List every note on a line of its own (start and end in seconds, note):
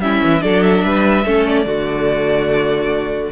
0.00 0.21 G3
0.00 0.41 C#4
0.00 0.44 E4
0.00 0.42 E5
0.24 0.44 E3
0.41 0.85 F#3
0.41 1.24 D4
0.41 0.84 A4
0.41 0.63 D5
0.63 1.46 E5
0.84 1.25 G3
0.84 1.25 B4
1.25 1.66 A3
1.25 1.66 C#4
1.25 1.66 A4
1.46 3.32 D5
1.66 3.31 D3
1.66 3.31 A3
1.66 3.32 F#4